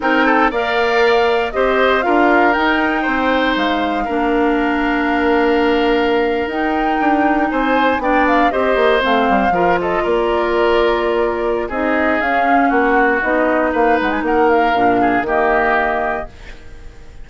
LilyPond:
<<
  \new Staff \with { instrumentName = "flute" } { \time 4/4 \tempo 4 = 118 g''4 f''2 dis''4 | f''4 g''2 f''4~ | f''1~ | f''8. g''2 gis''4 g''16~ |
g''16 f''8 dis''4 f''4. dis''8 d''16~ | d''2. dis''4 | f''4 fis''4 dis''4 f''8 fis''16 gis''16 | fis''8 f''4. dis''2 | }
  \new Staff \with { instrumentName = "oboe" } { \time 4/4 ais'8 a'8 d''2 c''4 | ais'2 c''2 | ais'1~ | ais'2~ ais'8. c''4 d''16~ |
d''8. c''2 ais'8 a'8 ais'16~ | ais'2. gis'4~ | gis'4 fis'2 b'4 | ais'4. gis'8 g'2 | }
  \new Staff \with { instrumentName = "clarinet" } { \time 4/4 dis'4 ais'2 g'4 | f'4 dis'2. | d'1~ | d'8. dis'2. d'16~ |
d'8. g'4 c'4 f'4~ f'16~ | f'2. dis'4 | cis'2 dis'2~ | dis'4 d'4 ais2 | }
  \new Staff \with { instrumentName = "bassoon" } { \time 4/4 c'4 ais2 c'4 | d'4 dis'4 c'4 gis4 | ais1~ | ais8. dis'4 d'4 c'4 b16~ |
b8. c'8 ais8 a8 g8 f4 ais16~ | ais2. c'4 | cis'4 ais4 b4 ais8 gis8 | ais4 ais,4 dis2 | }
>>